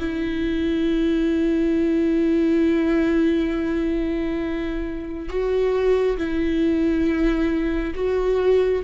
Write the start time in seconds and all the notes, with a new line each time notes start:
0.00 E4
5.29 F#4
6.18 E4
7.95 F#4